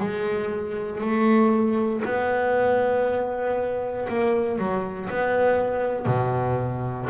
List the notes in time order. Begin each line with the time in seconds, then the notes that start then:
0.00 G#3
1.01 A3
2.05 B3
4.09 A#3
4.59 F#3
5.10 B3
6.06 B2